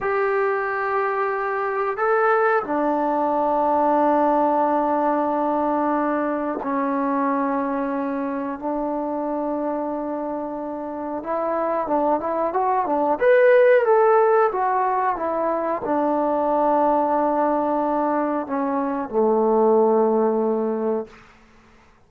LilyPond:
\new Staff \with { instrumentName = "trombone" } { \time 4/4 \tempo 4 = 91 g'2. a'4 | d'1~ | d'2 cis'2~ | cis'4 d'2.~ |
d'4 e'4 d'8 e'8 fis'8 d'8 | b'4 a'4 fis'4 e'4 | d'1 | cis'4 a2. | }